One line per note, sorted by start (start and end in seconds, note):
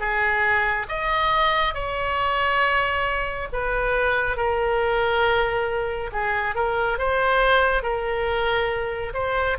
0.00 0.87 G#4
0.89 1.74 D#5
1.74 3.48 C#5
3.53 4.37 B4
4.37 6.11 A#4
6.13 6.55 G#4
6.55 6.98 A#4
6.98 7.83 C5
7.83 9.13 A#4
9.14 9.57 C5